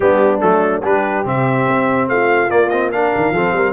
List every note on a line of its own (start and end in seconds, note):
0.00 0.40 G3
0.00 0.40 B3
0.00 0.83 D4
0.00 0.40 G4
0.40 0.83 F#3
0.40 0.82 A3
0.40 0.82 A4
0.83 1.25 G3
0.83 1.24 D4
0.83 2.08 G4
0.83 1.26 B4
1.24 1.67 C3
1.24 2.49 C4
1.24 2.08 E5
1.67 2.08 C4
2.08 2.50 A3
2.08 2.94 F4
2.08 2.50 F5
2.49 2.70 A#3
2.49 3.12 A#3
2.49 2.69 D5
2.69 2.91 C4
2.69 2.90 D#5
2.92 3.34 D4
2.92 3.33 A#4
2.92 3.72 F5
3.16 3.30 D#3
3.30 3.51 F3
3.30 3.72 C4
3.30 3.54 A4
3.53 3.72 G3
3.53 3.72 A#4